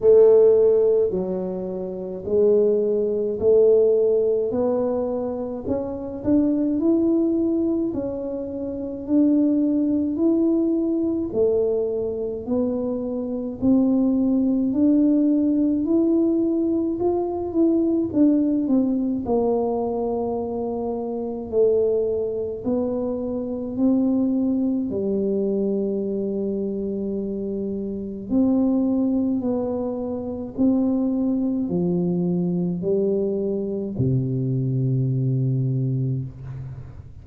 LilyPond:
\new Staff \with { instrumentName = "tuba" } { \time 4/4 \tempo 4 = 53 a4 fis4 gis4 a4 | b4 cis'8 d'8 e'4 cis'4 | d'4 e'4 a4 b4 | c'4 d'4 e'4 f'8 e'8 |
d'8 c'8 ais2 a4 | b4 c'4 g2~ | g4 c'4 b4 c'4 | f4 g4 c2 | }